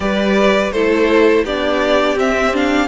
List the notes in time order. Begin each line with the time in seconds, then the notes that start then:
0.00 G3 G4 B4 D5
0.72 A3 E4 A4 C5
1.44 B3 D4 G4 D5
2.15 C4 E5
2.53 D4 F5